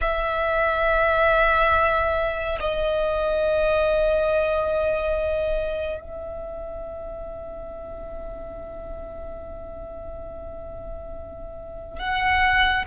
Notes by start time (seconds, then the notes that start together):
0.01 E5
2.59 D#5
6.00 E5
11.98 F#5